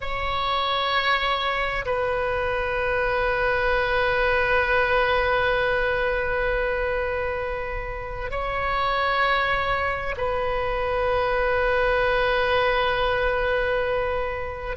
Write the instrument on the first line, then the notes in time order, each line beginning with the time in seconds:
oboe
0.00 C#5
1.85 B4
8.30 C#5
10.17 B4